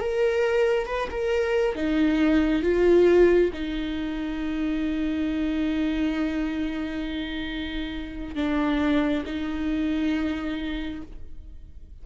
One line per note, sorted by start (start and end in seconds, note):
0.00 0.86 A#4
0.86 1.08 B4
1.11 1.75 A#4
1.75 2.62 D#4
2.62 3.51 F4
3.53 8.35 D#4
8.35 9.23 D4
9.25 11.02 D#4